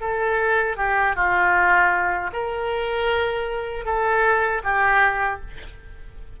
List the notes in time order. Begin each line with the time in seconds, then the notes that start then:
0.00 A4
0.77 G4
1.15 F4
2.32 A#4
3.85 A4
4.63 G4